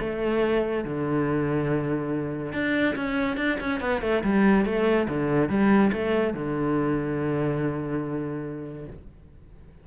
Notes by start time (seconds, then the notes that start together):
0.00 A3
0.85 D3
2.53 D4
2.96 C#4
3.37 D4
3.60 C#4
3.81 B3
4.02 A3
4.24 G3
4.66 A3
5.09 D3
5.49 G3
5.93 A3
6.34 D3